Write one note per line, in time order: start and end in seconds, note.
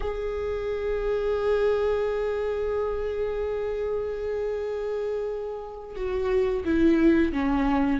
0.00 5.95 G#4
5.95 6.64 F#4
6.64 7.32 E4
7.32 8.00 C#4